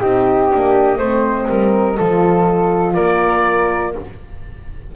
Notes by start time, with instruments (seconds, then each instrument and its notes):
0.00 double bass C4, horn D#4, flute G4, oboe D#5
0.49 double bass A#3, horn D4
0.98 double bass A3, horn C4, flute C5
1.48 double bass G3, flute A#4
1.97 double bass F3, horn F4, flute A4
2.94 double bass A#3, flute A#4, oboe D5